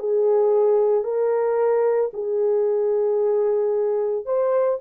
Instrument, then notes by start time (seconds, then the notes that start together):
horn
0.00 G#4
1.04 A#4
2.14 G#4
4.26 C5